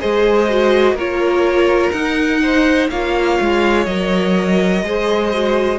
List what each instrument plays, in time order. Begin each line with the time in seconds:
0.00 cello G#3, viola G#4, violin C5 D#5
0.50 viola F#4
0.94 cello A#3, viola F4, violin A#4 C#5
1.92 cello D#4, viola D#4, violin F#5
2.43 violin C5
2.90 cello A#3, viola F4, violin C#5 F5
3.41 cello G#3
3.86 cello F#3, viola A#4, violin D#5
4.83 cello G#3, viola G#4, violin C5
5.34 viola F#4